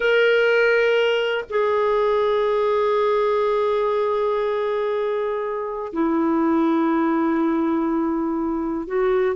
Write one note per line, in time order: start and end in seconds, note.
0.00 1.44 A#4
1.49 5.92 G#4
5.93 8.87 E4
8.87 9.35 F#4